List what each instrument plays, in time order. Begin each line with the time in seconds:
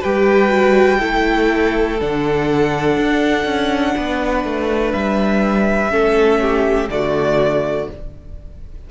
0.00 cello G3, viola G4, violin B4 G5
0.49 viola F#4
0.99 cello A3, viola E4, violin A4
2.00 cello D3, viola D4, violin F#5
2.97 cello D4
3.45 cello C#4
3.97 cello B3, violin B4
4.44 cello A3
4.92 cello G3, violin E5
5.90 cello A3, viola C#4, violin A4
6.41 violin G4
6.89 cello D3, viola A3, violin F#4 D5